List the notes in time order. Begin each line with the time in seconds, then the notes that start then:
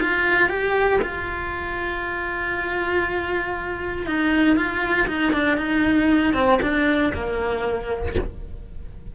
0.00 F4
0.49 G4
1.01 F4
4.06 D#4
4.56 F4
5.08 D#4
5.33 D4
5.57 D#4
6.34 C4
6.62 D4
7.13 A#3